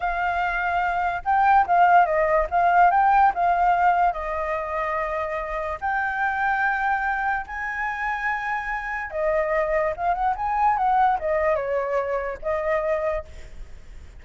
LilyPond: \new Staff \with { instrumentName = "flute" } { \time 4/4 \tempo 4 = 145 f''2. g''4 | f''4 dis''4 f''4 g''4 | f''2 dis''2~ | dis''2 g''2~ |
g''2 gis''2~ | gis''2 dis''2 | f''8 fis''8 gis''4 fis''4 dis''4 | cis''2 dis''2 | }